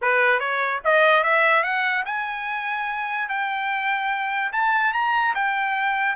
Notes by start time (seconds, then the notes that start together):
0.01 B4
0.39 C#5
0.84 D#5
1.23 E5
1.63 F#5
2.05 G#5
3.28 G5
4.52 A5
4.93 A#5
5.34 G5